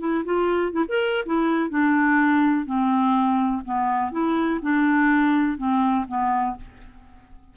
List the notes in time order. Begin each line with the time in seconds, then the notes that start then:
0.00 E4
0.25 F4
0.73 E4
0.89 A#4
1.26 E4
1.70 D4
2.66 C4
3.65 B3
4.12 E4
4.63 D4
5.58 C4
6.08 B3